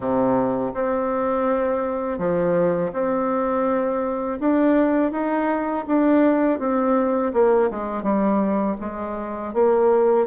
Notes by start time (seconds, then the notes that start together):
0.00 C3
0.74 C4
2.18 F3
2.92 C4
4.40 D4
5.11 D#4
5.87 D4
6.59 C4
7.33 A#3
7.70 G#3
8.03 G3
8.80 G#3
9.53 A#3